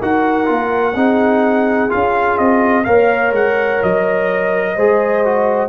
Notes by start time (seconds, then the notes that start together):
0.00 D#4 F#4 A#4 F#5
0.46 A#3 F4
0.95 C4 D#4 G#4
1.90 C#4 F4 F5
2.38 C4 D#5
2.85 A#3 A#4 C#5 F5
3.32 G#3 F#5
3.83 F#3 D#5
4.75 G#3 G#4 C5
5.26 F#4